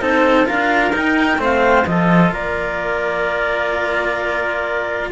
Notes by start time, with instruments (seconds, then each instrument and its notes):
0.00 cello C4 D#4, trumpet A4, clarinet C5
0.45 cello D4 F4, trumpet A#4, clarinet F5
0.92 cello D#4, clarinet G5
1.37 cello A3 C4, trumpet C5, clarinet F5
1.86 cello F3 F4, trumpet A4, clarinet D#5
2.31 cello A#3, trumpet A#4, clarinet D5